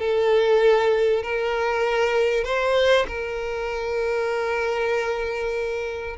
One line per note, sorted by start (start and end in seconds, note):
0.00 1.23 A4
1.23 2.45 A#4
2.45 3.06 C5
3.08 6.17 A#4